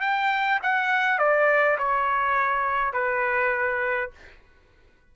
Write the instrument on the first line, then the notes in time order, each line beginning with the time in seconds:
trumpet
0.00 G5
0.62 F#5
1.18 D5
1.78 C#5
2.93 B4